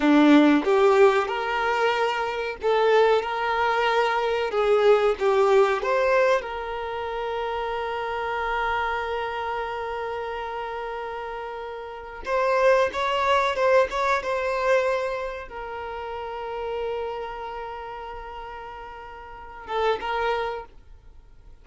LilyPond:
\new Staff \with { instrumentName = "violin" } { \time 4/4 \tempo 4 = 93 d'4 g'4 ais'2 | a'4 ais'2 gis'4 | g'4 c''4 ais'2~ | ais'1~ |
ais'2. c''4 | cis''4 c''8 cis''8 c''2 | ais'1~ | ais'2~ ais'8 a'8 ais'4 | }